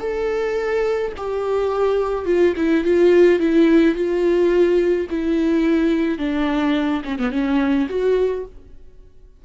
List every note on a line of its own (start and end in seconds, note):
0.00 1.12 A4
1.17 2.26 G4
2.26 2.54 F4
2.56 2.84 E4
2.84 3.40 F4
3.40 3.95 E4
3.95 5.07 F4
5.10 6.18 E4
6.18 7.02 D4
7.05 7.19 C#4
7.19 7.32 B3
7.32 7.88 C#4
7.89 8.45 F#4